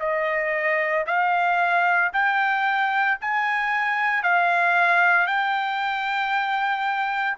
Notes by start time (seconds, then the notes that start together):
0.00 D#5
1.07 F5
2.13 G5
3.21 G#5
4.23 F5
5.27 G5